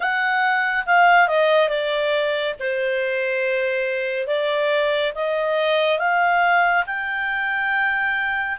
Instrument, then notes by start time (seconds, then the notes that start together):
clarinet
0.00 F#5
0.86 F5
1.27 D#5
1.69 D5
2.59 C5
4.27 D5
5.14 D#5
5.98 F5
6.86 G5